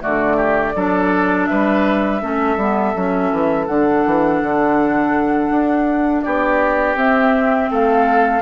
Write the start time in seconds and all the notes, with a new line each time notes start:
0.00 D3 A3 F#4 D5
0.36 G4
0.75 F#3 D4 A4
1.46 G3 B4 E5
2.21 A3 C#4 A4
2.57 G3 B3
2.96 F#3 C#4
3.32 E3
3.67 D3 D4 F#5
4.06 E3
4.43 D3
5.51 D4
6.22 B3 G4 D5
6.96 C4 E5
7.71 A3 A4 F5